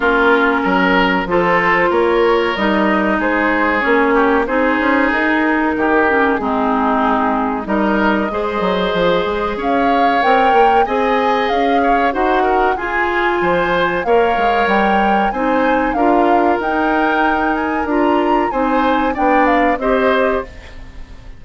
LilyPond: <<
  \new Staff \with { instrumentName = "flute" } { \time 4/4 \tempo 4 = 94 ais'2 c''4 cis''4 | dis''4 c''4 cis''4 c''4 | ais'2 gis'2 | dis''2. f''4 |
g''4 gis''4 f''4 fis''4 | gis''2 f''4 g''4 | gis''4 f''4 g''4. gis''8 | ais''4 gis''4 g''8 f''8 dis''4 | }
  \new Staff \with { instrumentName = "oboe" } { \time 4/4 f'4 ais'4 a'4 ais'4~ | ais'4 gis'4. g'8 gis'4~ | gis'4 g'4 dis'2 | ais'4 c''2 cis''4~ |
cis''4 dis''4. cis''8 c''8 ais'8 | gis'4 c''4 cis''2 | c''4 ais'2.~ | ais'4 c''4 d''4 c''4 | }
  \new Staff \with { instrumentName = "clarinet" } { \time 4/4 cis'2 f'2 | dis'2 cis'4 dis'4~ | dis'4. cis'8 c'2 | dis'4 gis'2. |
ais'4 gis'2 fis'4 | f'2 ais'2 | dis'4 f'4 dis'2 | f'4 dis'4 d'4 g'4 | }
  \new Staff \with { instrumentName = "bassoon" } { \time 4/4 ais4 fis4 f4 ais4 | g4 gis4 ais4 c'8 cis'8 | dis'4 dis4 gis2 | g4 gis8 fis8 f8 gis8 cis'4 |
c'8 ais8 c'4 cis'4 dis'4 | f'4 f4 ais8 gis8 g4 | c'4 d'4 dis'2 | d'4 c'4 b4 c'4 | }
>>